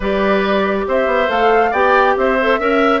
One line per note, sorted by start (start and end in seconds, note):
0.00 0.85 G3
0.00 1.27 G4
0.00 0.85 B4
0.00 0.87 D5
0.87 1.06 C4
0.87 1.71 C5
0.87 1.30 E5
1.06 1.28 B3
1.27 1.72 A3
1.27 1.71 A4
1.27 1.73 F5
1.71 2.15 B3
1.71 2.38 G4
1.71 2.14 D5
1.71 2.16 G5
2.16 2.59 C4
2.16 2.59 C5
2.16 3.00 E5
2.41 2.59 A4
2.59 3.00 C#4
2.59 3.00 A#4
2.59 3.00 E5